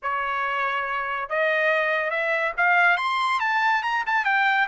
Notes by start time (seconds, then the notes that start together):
0.02 C#5
1.29 D#5
2.10 E5
2.57 F5
2.97 C6
3.40 A5
3.82 A#5
4.06 A5
4.24 G5